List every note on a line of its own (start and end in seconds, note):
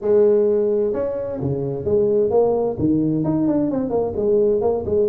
0.01 0.93 G#3
0.93 1.39 C#4
1.41 1.85 C#3
1.85 2.30 G#3
2.30 2.76 A#3
2.79 3.24 D#3
3.24 3.47 D#4
3.47 3.70 D4
3.70 3.90 C4
3.90 4.13 A#3
4.16 4.61 G#3
4.61 4.84 A#3
4.85 5.08 G#3